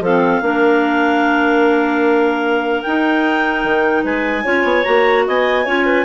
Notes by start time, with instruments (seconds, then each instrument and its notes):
0.00 bassoon F3, clarinet C4 A4 F5
0.41 bassoon A#3, clarinet D4 A#4
2.82 clarinet D#4 G5, bassoon D#4
3.64 bassoon D#3
4.03 bassoon G#3, clarinet B4 G#5
4.44 bassoon C#4, clarinet F4 C#5
4.63 bassoon B3
4.83 bassoon A#3, clarinet F#4 A#5
5.26 bassoon B3, clarinet D#5 G#5
5.65 bassoon C#4, clarinet F4 C#5
5.85 clarinet B4